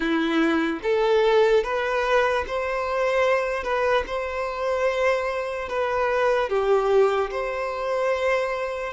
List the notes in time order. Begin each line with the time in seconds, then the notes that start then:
0.00 E4
0.82 A4
1.63 B4
2.47 C5
3.63 B4
4.06 C5
5.69 B4
6.49 G4
7.30 C5